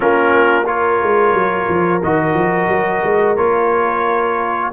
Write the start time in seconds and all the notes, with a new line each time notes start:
0.00 A#3 C#4 F4 A#4
0.66 F4 A#4 C#5
1.02 G#3
1.33 F#3
1.68 F3
2.02 D#3 F#4 D#5
2.34 F3
2.68 F#3
3.03 G#3
3.36 A#3 F4 C#5